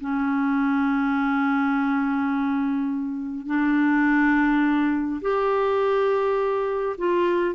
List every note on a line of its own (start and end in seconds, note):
0.00 3.46 C#4
3.46 5.21 D4
5.22 6.96 G4
6.98 7.55 F4